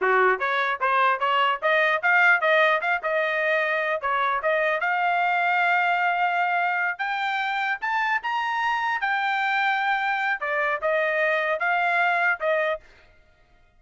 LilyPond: \new Staff \with { instrumentName = "trumpet" } { \time 4/4 \tempo 4 = 150 fis'4 cis''4 c''4 cis''4 | dis''4 f''4 dis''4 f''8 dis''8~ | dis''2 cis''4 dis''4 | f''1~ |
f''4. g''2 a''8~ | a''8 ais''2 g''4.~ | g''2 d''4 dis''4~ | dis''4 f''2 dis''4 | }